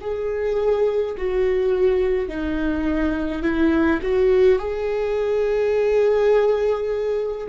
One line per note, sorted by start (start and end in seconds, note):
0.00 1.15 G#4
1.17 2.28 F#4
2.28 3.42 D#4
3.42 4.00 E4
4.02 4.58 F#4
4.58 7.47 G#4